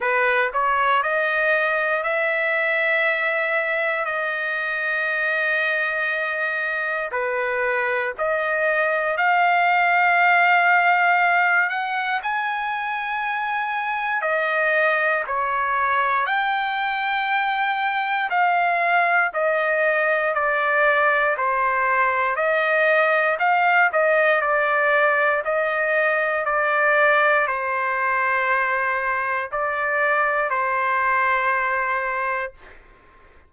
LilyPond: \new Staff \with { instrumentName = "trumpet" } { \time 4/4 \tempo 4 = 59 b'8 cis''8 dis''4 e''2 | dis''2. b'4 | dis''4 f''2~ f''8 fis''8 | gis''2 dis''4 cis''4 |
g''2 f''4 dis''4 | d''4 c''4 dis''4 f''8 dis''8 | d''4 dis''4 d''4 c''4~ | c''4 d''4 c''2 | }